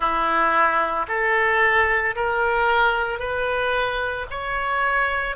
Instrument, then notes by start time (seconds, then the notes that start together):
oboe
0.00 E4
1.08 A4
2.15 A#4
3.19 B4
4.30 C#5